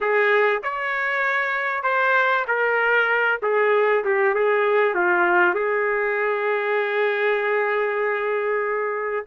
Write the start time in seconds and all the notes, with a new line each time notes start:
0.00 G#4
0.63 C#5
1.83 C5
2.47 A#4
3.42 G#4
4.04 G4
4.34 G#4
4.94 F4
5.54 G#4